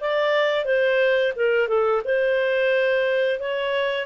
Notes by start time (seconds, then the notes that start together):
0.00 D5
0.64 C5
1.35 A#4
1.68 A4
2.04 C5
3.39 C#5